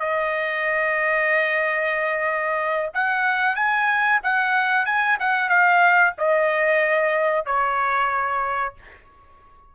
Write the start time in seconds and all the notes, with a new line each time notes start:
0.00 D#5
2.94 F#5
3.55 G#5
4.23 F#5
4.86 G#5
5.20 F#5
5.50 F5
6.18 D#5
7.46 C#5